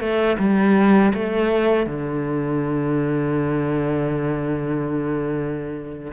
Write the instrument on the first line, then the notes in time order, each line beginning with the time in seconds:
cello
0.00 A3
0.39 G3
1.14 A3
1.87 D3